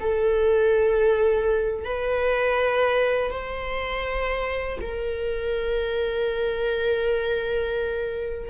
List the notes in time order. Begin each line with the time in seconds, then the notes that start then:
0.00 A4
1.85 B4
3.31 C5
4.81 A#4